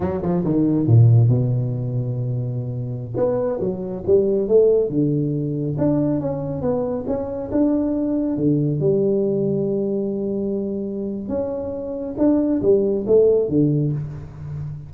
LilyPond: \new Staff \with { instrumentName = "tuba" } { \time 4/4 \tempo 4 = 138 fis8 f8 dis4 ais,4 b,4~ | b,2.~ b,16 b8.~ | b16 fis4 g4 a4 d8.~ | d4~ d16 d'4 cis'4 b8.~ |
b16 cis'4 d'2 d8.~ | d16 g2.~ g8.~ | g2 cis'2 | d'4 g4 a4 d4 | }